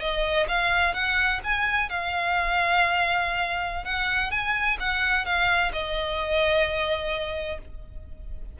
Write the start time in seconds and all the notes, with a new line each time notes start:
0.00 D#5
0.48 F5
0.93 F#5
1.43 G#5
1.89 F5
3.84 F#5
4.31 G#5
4.79 F#5
5.25 F5
5.73 D#5